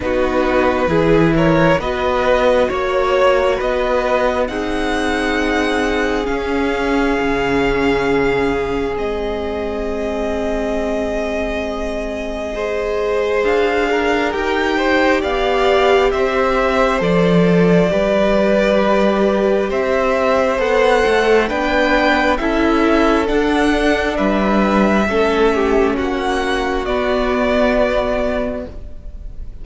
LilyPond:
<<
  \new Staff \with { instrumentName = "violin" } { \time 4/4 \tempo 4 = 67 b'4. cis''8 dis''4 cis''4 | dis''4 fis''2 f''4~ | f''2 dis''2~ | dis''2. f''4 |
g''4 f''4 e''4 d''4~ | d''2 e''4 fis''4 | g''4 e''4 fis''4 e''4~ | e''4 fis''4 d''2 | }
  \new Staff \with { instrumentName = "violin" } { \time 4/4 fis'4 gis'8 ais'8 b'4 cis''4 | b'4 gis'2.~ | gis'1~ | gis'2 c''4. ais'8~ |
ais'8 c''8 d''4 c''2 | b'2 c''2 | b'4 a'2 b'4 | a'8 g'8 fis'2. | }
  \new Staff \with { instrumentName = "viola" } { \time 4/4 dis'4 e'4 fis'2~ | fis'4 dis'2 cis'4~ | cis'2 c'2~ | c'2 gis'2 |
g'2. a'4 | g'2. a'4 | d'4 e'4 d'2 | cis'2 b2 | }
  \new Staff \with { instrumentName = "cello" } { \time 4/4 b4 e4 b4 ais4 | b4 c'2 cis'4 | cis2 gis2~ | gis2. d'4 |
dis'4 b4 c'4 f4 | g2 c'4 b8 a8 | b4 cis'4 d'4 g4 | a4 ais4 b2 | }
>>